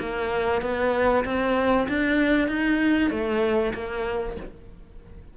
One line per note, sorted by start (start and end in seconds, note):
0.00 0.62 A#3
0.62 1.24 B3
1.25 1.88 C4
1.89 2.48 D4
2.48 3.11 D#4
3.11 3.73 A3
3.74 4.37 A#3